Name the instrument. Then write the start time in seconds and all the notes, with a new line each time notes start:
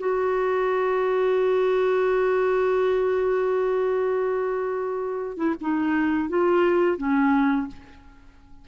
clarinet
0.00 F#4
5.38 E4
5.62 D#4
6.29 F4
6.98 C#4